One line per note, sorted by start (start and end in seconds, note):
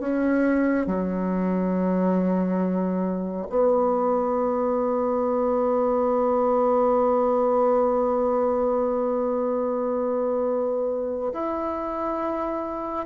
0.00 0.87 C#4
0.87 3.48 F#3
3.50 11.32 B3
11.33 13.06 E4